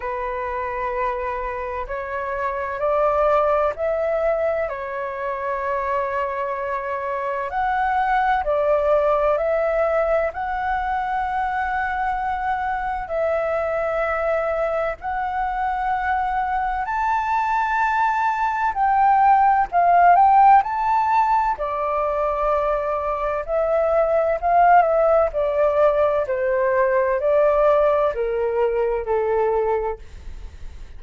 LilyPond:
\new Staff \with { instrumentName = "flute" } { \time 4/4 \tempo 4 = 64 b'2 cis''4 d''4 | e''4 cis''2. | fis''4 d''4 e''4 fis''4~ | fis''2 e''2 |
fis''2 a''2 | g''4 f''8 g''8 a''4 d''4~ | d''4 e''4 f''8 e''8 d''4 | c''4 d''4 ais'4 a'4 | }